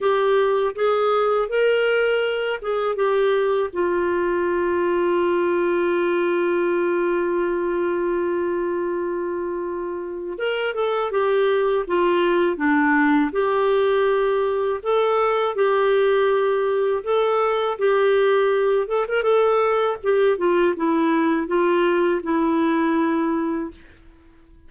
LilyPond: \new Staff \with { instrumentName = "clarinet" } { \time 4/4 \tempo 4 = 81 g'4 gis'4 ais'4. gis'8 | g'4 f'2.~ | f'1~ | f'2 ais'8 a'8 g'4 |
f'4 d'4 g'2 | a'4 g'2 a'4 | g'4. a'16 ais'16 a'4 g'8 f'8 | e'4 f'4 e'2 | }